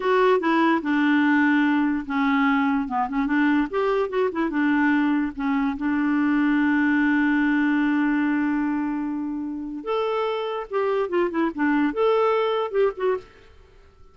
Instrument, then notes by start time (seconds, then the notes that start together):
clarinet
0.00 F#4
0.40 E4
0.81 D4
2.05 C#4
2.87 B3
3.08 C#4
3.26 D4
3.70 G4
4.09 F#4
4.32 E4
4.50 D4
5.35 C#4
5.77 D4
9.84 A4
10.70 G4
11.09 F4
11.30 E4
11.54 D4
11.93 A4
12.71 G4
12.96 F#4